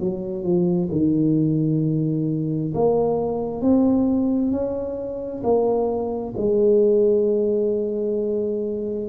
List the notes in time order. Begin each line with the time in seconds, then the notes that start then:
0.00 F#3
0.43 F3
0.92 D#3
2.75 A#3
3.62 C4
4.52 C#4
5.43 A#3
6.37 G#3